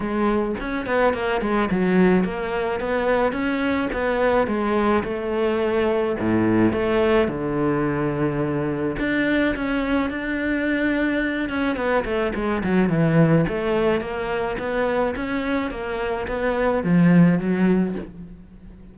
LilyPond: \new Staff \with { instrumentName = "cello" } { \time 4/4 \tempo 4 = 107 gis4 cis'8 b8 ais8 gis8 fis4 | ais4 b4 cis'4 b4 | gis4 a2 a,4 | a4 d2. |
d'4 cis'4 d'2~ | d'8 cis'8 b8 a8 gis8 fis8 e4 | a4 ais4 b4 cis'4 | ais4 b4 f4 fis4 | }